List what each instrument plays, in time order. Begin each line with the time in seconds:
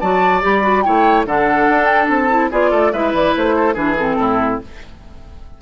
0.00 bassoon F#3, clarinet F#4, oboe D5, flute A5
0.42 bassoon G3, clarinet G4, flute B5
0.63 clarinet F#4
0.83 bassoon A3, clarinet E4, oboe C#5, flute G5
1.26 bassoon D3, clarinet D4, oboe A4, flute F#5
1.70 bassoon D4
1.86 flute G5
2.09 bassoon C4, flute A5
2.30 clarinet E4
2.51 bassoon B3, clarinet F4, oboe G#4, flute D5
2.71 bassoon A3, oboe A4
2.93 bassoon G#3, clarinet E4, oboe B4, flute E5
3.13 bassoon E3, flute D5
3.37 bassoon A3, flute C5
3.56 oboe A4
3.74 bassoon E3, clarinet D4, oboe G#4, flute B4
3.97 clarinet C4, flute A4
4.19 bassoon A2, oboe E4